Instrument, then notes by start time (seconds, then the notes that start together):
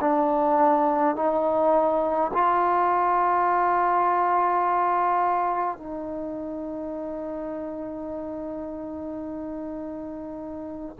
trombone
0.00 D4
1.15 D#4
2.33 F4
5.77 D#4